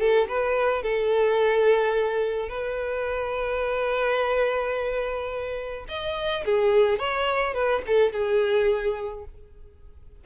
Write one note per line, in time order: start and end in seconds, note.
0.00 0.28 A4
0.29 0.83 B4
0.83 2.50 A4
2.50 5.86 B4
5.89 6.45 D#5
6.46 6.99 G#4
6.99 7.54 C#5
7.54 7.82 B4
7.87 8.13 A4
8.13 9.25 G#4